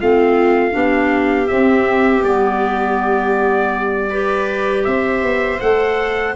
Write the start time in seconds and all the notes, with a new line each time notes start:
0.00 A3 C4 F4 F5
0.71 B3 D4 G4
1.48 C4 E5
2.24 G3 B3 D5
4.10 G4 B4
4.84 C4 C5 E5
5.23 B3
5.60 A3 A4 F#5